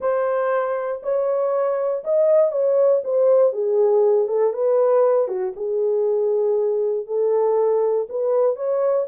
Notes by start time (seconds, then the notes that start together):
0.00 C5
1.02 C#5
2.04 D#5
2.51 C#5
3.04 C5
3.52 G#4
4.28 A4
4.53 B4
5.28 F#4
5.56 G#4
7.06 A4
8.09 B4
8.56 C#5